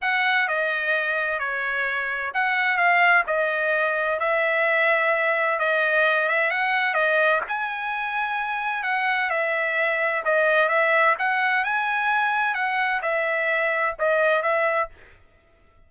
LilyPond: \new Staff \with { instrumentName = "trumpet" } { \time 4/4 \tempo 4 = 129 fis''4 dis''2 cis''4~ | cis''4 fis''4 f''4 dis''4~ | dis''4 e''2. | dis''4. e''8 fis''4 dis''4 |
gis''2. fis''4 | e''2 dis''4 e''4 | fis''4 gis''2 fis''4 | e''2 dis''4 e''4 | }